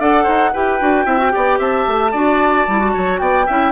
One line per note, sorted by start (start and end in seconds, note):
0.00 0.27 D4
0.00 0.54 A4
0.00 0.24 D5
0.00 0.54 F#5
0.24 0.54 D#4
0.24 0.51 C5
0.54 0.81 E4
0.54 0.80 G4
0.54 1.06 B4
0.54 1.61 G5
0.80 1.06 D4
0.80 1.06 F#4
1.06 1.33 C4
1.06 1.19 E4
1.06 1.33 E5
1.19 1.32 F#4
1.32 1.59 B3
1.32 2.12 G4
1.32 1.59 D5
1.59 1.86 C4
1.59 2.12 E5
1.59 3.19 A5
1.88 2.14 A3
2.12 2.68 D4
2.12 2.68 F#4
2.12 2.93 D5
2.68 2.95 G3
2.68 2.79 E4
2.79 3.46 F#4
2.94 3.21 F#3
2.94 3.21 C#5
3.19 3.48 B3
3.19 3.47 D5
3.19 3.73 G5
3.47 3.73 C#4
3.47 3.73 E4
3.47 3.73 E5